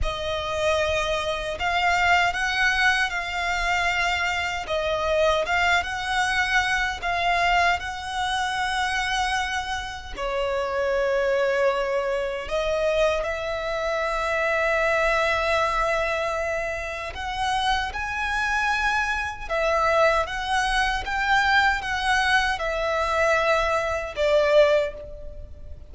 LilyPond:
\new Staff \with { instrumentName = "violin" } { \time 4/4 \tempo 4 = 77 dis''2 f''4 fis''4 | f''2 dis''4 f''8 fis''8~ | fis''4 f''4 fis''2~ | fis''4 cis''2. |
dis''4 e''2.~ | e''2 fis''4 gis''4~ | gis''4 e''4 fis''4 g''4 | fis''4 e''2 d''4 | }